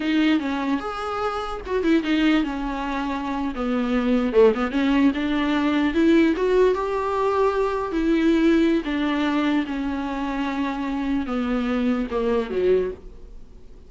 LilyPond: \new Staff \with { instrumentName = "viola" } { \time 4/4 \tempo 4 = 149 dis'4 cis'4 gis'2 | fis'8 e'8 dis'4 cis'2~ | cis'8. b2 a8 b8 cis'16~ | cis'8. d'2 e'4 fis'16~ |
fis'8. g'2. e'16~ | e'2 d'2 | cis'1 | b2 ais4 fis4 | }